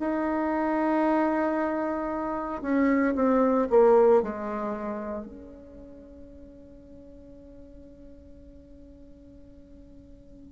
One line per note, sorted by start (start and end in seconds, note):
0.00 2.62 D#4
2.62 3.15 C#4
3.16 3.68 C4
3.70 4.23 A#3
4.23 5.26 G#3
5.26 10.52 C#4